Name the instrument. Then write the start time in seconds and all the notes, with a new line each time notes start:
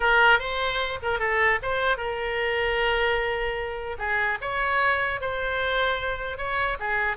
oboe
0.00 A#4
0.39 C5
1.02 A#4
1.19 A4
1.62 C5
1.97 A#4
3.98 G#4
4.41 C#5
5.20 C5
6.37 C#5
6.79 G#4